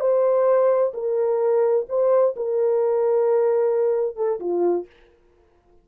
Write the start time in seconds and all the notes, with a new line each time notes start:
0.00 C5
0.94 A#4
1.89 C5
2.36 A#4
4.16 A4
4.40 F4